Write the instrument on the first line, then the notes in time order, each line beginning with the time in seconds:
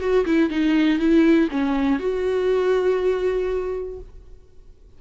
viola
0.00 F#4
0.26 E4
0.50 D#4
0.99 E4
1.51 C#4
1.99 F#4